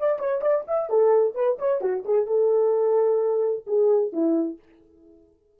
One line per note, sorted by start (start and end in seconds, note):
0.00 0.20 D5
0.20 0.42 C#5
0.42 0.65 D5
0.68 0.90 E5
0.90 1.35 A4
1.35 1.58 B4
1.59 1.81 C#5
1.81 2.04 F#4
2.05 2.27 G#4
2.27 3.65 A4
3.67 4.13 G#4
4.13 4.59 E4